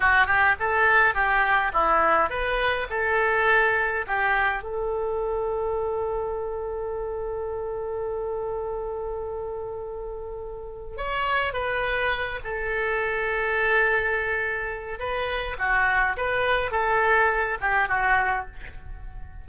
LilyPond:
\new Staff \with { instrumentName = "oboe" } { \time 4/4 \tempo 4 = 104 fis'8 g'8 a'4 g'4 e'4 | b'4 a'2 g'4 | a'1~ | a'1~ |
a'2. cis''4 | b'4. a'2~ a'8~ | a'2 b'4 fis'4 | b'4 a'4. g'8 fis'4 | }